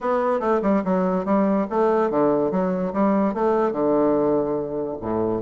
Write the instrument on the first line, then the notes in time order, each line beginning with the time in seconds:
bassoon
0.00 B3
0.39 A3
0.62 G3
0.84 F#3
1.25 G3
1.70 A3
2.10 D3
2.51 F#3
2.93 G3
3.34 A3
3.71 D3
5.00 A2